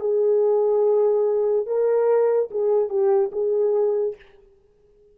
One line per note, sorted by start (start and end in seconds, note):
0.00 1.66 G#4
1.66 2.50 A#4
2.51 2.89 G#4
2.89 3.31 G4
3.32 4.16 G#4